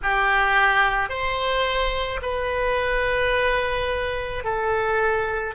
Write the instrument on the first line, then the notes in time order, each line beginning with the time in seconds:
oboe
0.03 G4
1.09 C5
2.22 B4
4.43 A4